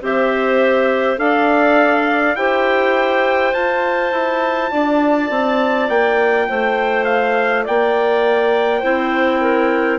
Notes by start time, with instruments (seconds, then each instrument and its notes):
0.00 bassoon C4, clarinet G4 C5, trumpet E5
1.17 bassoon D4, clarinet A4 D5, trumpet F5
2.35 bassoon E4, clarinet G4 C5, trumpet G5
3.53 bassoon F4, clarinet F4, trumpet A5
4.11 bassoon E4
4.71 bassoon D4, clarinet D5
5.30 bassoon C4
5.89 bassoon A#3, trumpet G5
6.48 bassoon A3, clarinet C5
7.04 trumpet F5
7.64 bassoon A#3, clarinet D5, trumpet G5
8.79 bassoon C4, clarinet E4 C5
9.40 clarinet A#4